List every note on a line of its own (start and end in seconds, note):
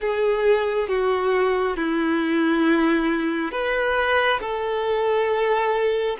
0.00 0.88 G#4
0.88 1.76 F#4
1.76 3.51 E4
3.51 4.40 B4
4.40 6.17 A4